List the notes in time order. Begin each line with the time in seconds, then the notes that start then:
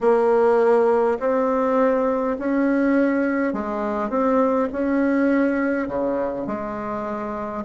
0.01 A#3
1.19 C4
2.39 C#4
3.53 G#3
4.09 C4
4.72 C#4
5.88 C#3
6.47 G#3